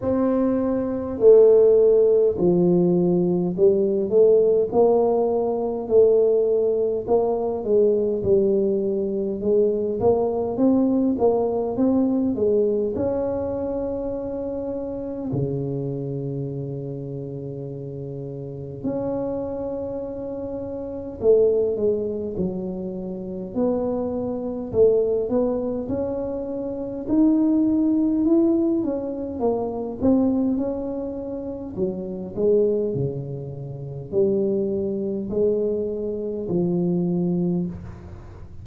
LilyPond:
\new Staff \with { instrumentName = "tuba" } { \time 4/4 \tempo 4 = 51 c'4 a4 f4 g8 a8 | ais4 a4 ais8 gis8 g4 | gis8 ais8 c'8 ais8 c'8 gis8 cis'4~ | cis'4 cis2. |
cis'2 a8 gis8 fis4 | b4 a8 b8 cis'4 dis'4 | e'8 cis'8 ais8 c'8 cis'4 fis8 gis8 | cis4 g4 gis4 f4 | }